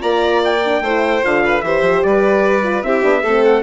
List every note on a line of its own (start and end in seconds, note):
0.00 0.81 A#3
0.00 0.60 F4
0.00 0.83 D5
0.00 0.42 A#5
0.45 1.25 G5
0.65 0.85 D4
0.81 1.21 A3
0.81 1.23 E4
0.81 1.43 C5
1.23 1.63 D3
1.23 1.63 F4
1.23 1.61 F5
1.45 1.65 B4
1.61 1.82 E3
1.61 2.64 G4
1.61 2.07 C5
1.61 2.02 E5
1.82 2.02 F3
2.03 2.83 G3
2.03 2.86 B4
2.03 2.83 D5
2.64 2.84 F4
2.83 3.04 C4
2.83 3.03 E4
2.83 3.23 G4
2.83 3.44 E5
3.03 3.24 B3
3.03 3.23 D4
3.23 3.63 A3
3.23 3.63 C4
3.23 3.63 A4
3.45 3.63 F#5